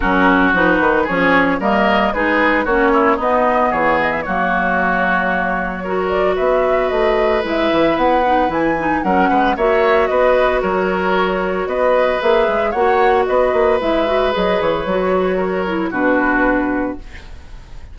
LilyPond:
<<
  \new Staff \with { instrumentName = "flute" } { \time 4/4 \tempo 4 = 113 ais'4 b'4 cis''4 dis''4 | b'4 cis''4 dis''4 cis''8 dis''16 e''16 | cis''2.~ cis''8 d''8 | e''4 dis''4 e''4 fis''4 |
gis''4 fis''4 e''4 dis''4 | cis''2 dis''4 e''4 | fis''4 dis''4 e''4 dis''8 cis''8~ | cis''2 b'2 | }
  \new Staff \with { instrumentName = "oboe" } { \time 4/4 fis'2 gis'4 ais'4 | gis'4 fis'8 e'8 dis'4 gis'4 | fis'2. ais'4 | b'1~ |
b'4 ais'8 b'8 cis''4 b'4 | ais'2 b'2 | cis''4 b'2.~ | b'4 ais'4 fis'2 | }
  \new Staff \with { instrumentName = "clarinet" } { \time 4/4 cis'4 dis'4 cis'4 ais4 | dis'4 cis'4 b2 | ais2. fis'4~ | fis'2 e'4. dis'8 |
e'8 dis'8 cis'4 fis'2~ | fis'2. gis'4 | fis'2 e'8 fis'8 gis'4 | fis'4. e'8 d'2 | }
  \new Staff \with { instrumentName = "bassoon" } { \time 4/4 fis4 f8 dis8 f4 g4 | gis4 ais4 b4 e4 | fis1 | b4 a4 gis8 e8 b4 |
e4 fis8 gis8 ais4 b4 | fis2 b4 ais8 gis8 | ais4 b8 ais8 gis4 fis8 e8 | fis2 b,2 | }
>>